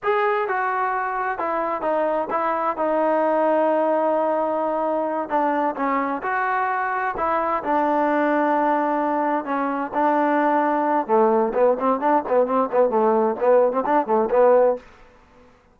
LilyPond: \new Staff \with { instrumentName = "trombone" } { \time 4/4 \tempo 4 = 130 gis'4 fis'2 e'4 | dis'4 e'4 dis'2~ | dis'2.~ dis'8 d'8~ | d'8 cis'4 fis'2 e'8~ |
e'8 d'2.~ d'8~ | d'8 cis'4 d'2~ d'8 | a4 b8 c'8 d'8 b8 c'8 b8 | a4 b8. c'16 d'8 a8 b4 | }